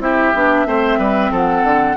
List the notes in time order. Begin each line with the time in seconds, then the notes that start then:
0.00 C4 E4 G4 E5
0.35 B3 D4
0.66 A3 C4 C5
0.98 G3 B4
1.31 F3 A4 F#5
1.64 D3